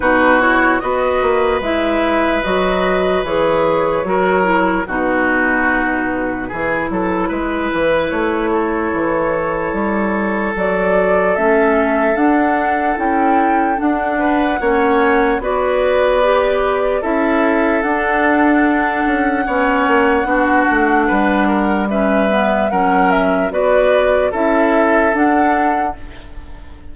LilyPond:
<<
  \new Staff \with { instrumentName = "flute" } { \time 4/4 \tempo 4 = 74 b'8 cis''8 dis''4 e''4 dis''4 | cis''2 b'2~ | b'2 cis''2~ | cis''4 d''4 e''4 fis''4 |
g''4 fis''2 d''4~ | d''4 e''4 fis''2~ | fis''2. e''4 | fis''8 e''8 d''4 e''4 fis''4 | }
  \new Staff \with { instrumentName = "oboe" } { \time 4/4 fis'4 b'2.~ | b'4 ais'4 fis'2 | gis'8 a'8 b'4. a'4.~ | a'1~ |
a'4. b'8 cis''4 b'4~ | b'4 a'2. | cis''4 fis'4 b'8 ais'8 b'4 | ais'4 b'4 a'2 | }
  \new Staff \with { instrumentName = "clarinet" } { \time 4/4 dis'8 e'8 fis'4 e'4 fis'4 | gis'4 fis'8 e'8 dis'2 | e'1~ | e'4 fis'4 cis'4 d'4 |
e'4 d'4 cis'4 fis'4 | g'4 e'4 d'2 | cis'4 d'2 cis'8 b8 | cis'4 fis'4 e'4 d'4 | }
  \new Staff \with { instrumentName = "bassoon" } { \time 4/4 b,4 b8 ais8 gis4 fis4 | e4 fis4 b,2 | e8 fis8 gis8 e8 a4 e4 | g4 fis4 a4 d'4 |
cis'4 d'4 ais4 b4~ | b4 cis'4 d'4. cis'8 | b8 ais8 b8 a8 g2 | fis4 b4 cis'4 d'4 | }
>>